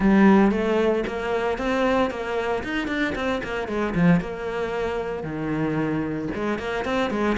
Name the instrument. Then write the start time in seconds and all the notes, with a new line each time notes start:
cello
0.00 G3
0.51 A3
1.06 A#3
1.57 C4
2.10 A#3
2.63 D#4
2.87 D4
3.15 C4
3.43 A#3
3.67 G#3
3.94 F3
4.20 A#3
5.23 D#3
6.34 G#3
6.58 A#3
6.84 C4
7.10 G#3